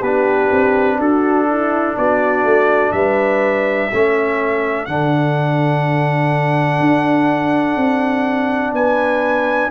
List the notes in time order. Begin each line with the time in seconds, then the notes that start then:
0.00 B3 D4 G4 B4
0.52 C4
1.00 D4 F#4 A4
1.49 E4
1.97 B3 F#4 D5
2.44 A3
2.92 G3 B4 E5
3.91 A3 C#4 A4
4.86 D3 D4 F#5
6.80 D4
7.76 C4
8.73 B3 B4 G#5